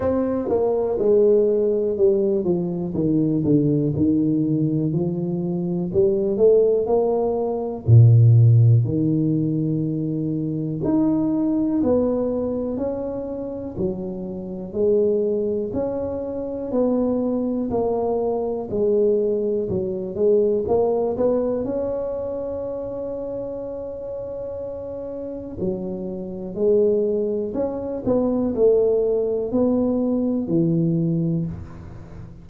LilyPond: \new Staff \with { instrumentName = "tuba" } { \time 4/4 \tempo 4 = 61 c'8 ais8 gis4 g8 f8 dis8 d8 | dis4 f4 g8 a8 ais4 | ais,4 dis2 dis'4 | b4 cis'4 fis4 gis4 |
cis'4 b4 ais4 gis4 | fis8 gis8 ais8 b8 cis'2~ | cis'2 fis4 gis4 | cis'8 b8 a4 b4 e4 | }